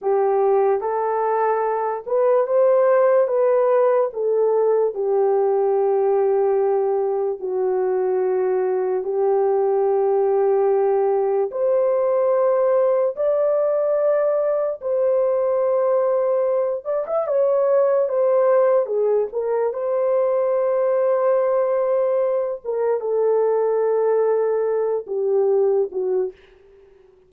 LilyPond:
\new Staff \with { instrumentName = "horn" } { \time 4/4 \tempo 4 = 73 g'4 a'4. b'8 c''4 | b'4 a'4 g'2~ | g'4 fis'2 g'4~ | g'2 c''2 |
d''2 c''2~ | c''8 d''16 e''16 cis''4 c''4 gis'8 ais'8 | c''2.~ c''8 ais'8 | a'2~ a'8 g'4 fis'8 | }